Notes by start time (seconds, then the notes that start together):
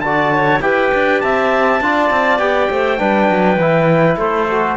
0.00 D3 F#4 D5 A5
0.33 C#5
0.61 E4 G4 B4 G5
0.93 D4
1.20 C4 E5 A5
1.80 D4 F4 D5
2.10 C4
2.39 B3 G4 G5
2.70 A3 C5
2.97 G3 D4 B4
3.29 F#3
3.56 E3 E4
4.17 A3 A4 C5
4.50 F#4